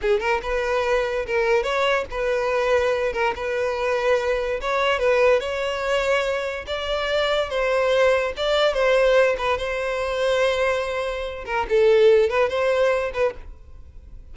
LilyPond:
\new Staff \with { instrumentName = "violin" } { \time 4/4 \tempo 4 = 144 gis'8 ais'8 b'2 ais'4 | cis''4 b'2~ b'8 ais'8 | b'2. cis''4 | b'4 cis''2. |
d''2 c''2 | d''4 c''4. b'8 c''4~ | c''2.~ c''8 ais'8 | a'4. b'8 c''4. b'8 | }